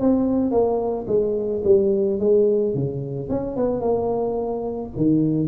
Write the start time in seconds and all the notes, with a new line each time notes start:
0.00 C4
0.51 A#3
1.07 G#3
1.64 G3
2.19 G#3
2.74 C#3
3.29 C#4
3.56 B3
3.81 A#3
4.96 D#3